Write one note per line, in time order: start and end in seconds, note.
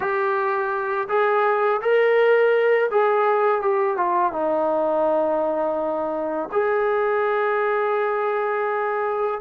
0.00 1.08 G4
1.08 1.80 G#4
1.81 2.89 A#4
2.90 3.61 G#4
3.61 3.96 G4
3.96 4.32 F4
4.32 6.49 D#4
6.52 9.40 G#4